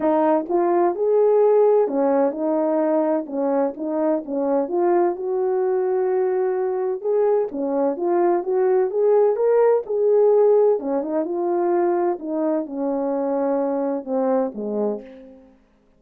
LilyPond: \new Staff \with { instrumentName = "horn" } { \time 4/4 \tempo 4 = 128 dis'4 f'4 gis'2 | cis'4 dis'2 cis'4 | dis'4 cis'4 f'4 fis'4~ | fis'2. gis'4 |
cis'4 f'4 fis'4 gis'4 | ais'4 gis'2 cis'8 dis'8 | f'2 dis'4 cis'4~ | cis'2 c'4 gis4 | }